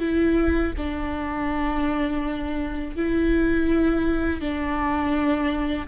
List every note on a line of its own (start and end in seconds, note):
0.00 0.73 E4
0.77 2.97 D4
2.97 4.41 E4
4.41 5.88 D4